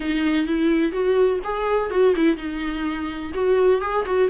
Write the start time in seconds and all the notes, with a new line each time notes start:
0.00 D#4
0.47 E4
0.92 F#4
1.44 G#4
1.90 F#4
2.15 E4
2.36 D#4
3.33 F#4
3.81 G#4
4.05 F#4